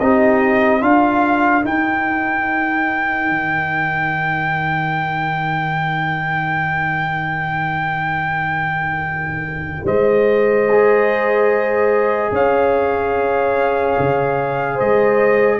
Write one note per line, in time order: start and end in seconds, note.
0.00 0.82 C4
0.00 0.81 D#4
0.00 0.82 G4
0.00 0.82 D#5
0.81 1.64 D4
0.81 1.62 F4
0.81 9.85 A#4
0.81 1.65 F5
1.62 10.66 D#4
1.62 3.29 D#4
1.62 9.87 G5
3.29 9.84 D#3
9.84 12.31 G#3
9.84 12.32 C5
9.84 12.33 D#5
10.70 15.60 G#4
12.32 13.96 C#4
12.32 14.75 C#5
12.32 14.79 F5
13.99 14.80 C#3
14.75 15.60 G#3
14.75 15.57 C5
14.75 15.60 D#5